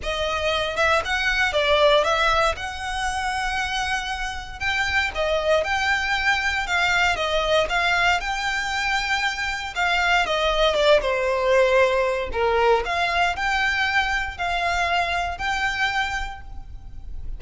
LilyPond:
\new Staff \with { instrumentName = "violin" } { \time 4/4 \tempo 4 = 117 dis''4. e''8 fis''4 d''4 | e''4 fis''2.~ | fis''4 g''4 dis''4 g''4~ | g''4 f''4 dis''4 f''4 |
g''2. f''4 | dis''4 d''8 c''2~ c''8 | ais'4 f''4 g''2 | f''2 g''2 | }